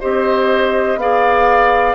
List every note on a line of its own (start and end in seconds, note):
0.00 0.96 C4
0.00 0.99 G4
0.00 0.98 C5
0.00 0.98 D#5
0.96 1.95 B3
0.96 1.95 G#4
0.96 1.95 D5
0.96 1.95 F5